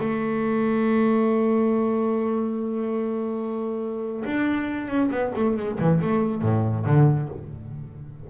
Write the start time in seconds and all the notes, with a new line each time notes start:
0.00 A3
4.25 D4
4.88 C#4
5.11 B3
5.35 A3
5.57 G#3
5.79 E3
6.01 A3
6.42 A2
6.86 D3